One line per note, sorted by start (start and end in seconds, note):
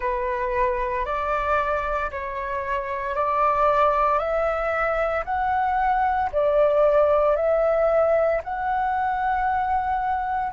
0.00 1.05 B4
1.05 2.10 D5
2.11 3.15 C#5
3.15 4.18 D5
4.18 5.23 E5
5.24 6.30 F#5
6.32 7.36 D5
7.36 8.41 E5
8.43 10.52 F#5